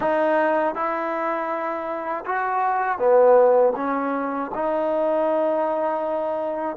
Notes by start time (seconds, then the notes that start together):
0.00 D#4
0.74 E4
2.25 F#4
2.98 B3
3.76 C#4
4.54 D#4